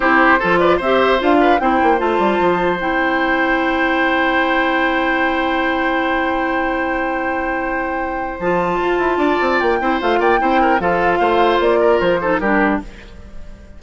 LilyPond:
<<
  \new Staff \with { instrumentName = "flute" } { \time 4/4 \tempo 4 = 150 c''4. d''8 e''4 f''4 | g''4 a''2 g''4~ | g''1~ | g''1~ |
g''1~ | g''4 a''2. | g''4 f''8 g''4. f''4~ | f''4 d''4 c''4 ais'4 | }
  \new Staff \with { instrumentName = "oboe" } { \time 4/4 g'4 a'8 b'8 c''4. b'8 | c''1~ | c''1~ | c''1~ |
c''1~ | c''2. d''4~ | d''8 c''4 d''8 c''8 ais'8 a'4 | c''4. ais'4 a'8 g'4 | }
  \new Staff \with { instrumentName = "clarinet" } { \time 4/4 e'4 f'4 g'4 f'4 | e'4 f'2 e'4~ | e'1~ | e'1~ |
e'1~ | e'4 f'2.~ | f'8 e'8 f'4 e'4 f'4~ | f'2~ f'8 dis'8 d'4 | }
  \new Staff \with { instrumentName = "bassoon" } { \time 4/4 c'4 f4 c'4 d'4 | c'8 ais8 a8 g8 f4 c'4~ | c'1~ | c'1~ |
c'1~ | c'4 f4 f'8 e'8 d'8 c'8 | ais8 c'8 a8 ais8 c'4 f4 | a4 ais4 f4 g4 | }
>>